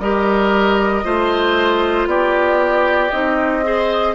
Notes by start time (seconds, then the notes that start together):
0.00 G3 G4 A#4 D#5
1.04 A3 F4 C5
2.07 B3 G4 D5
3.11 C4 D#4 D#5
3.63 G#4 C5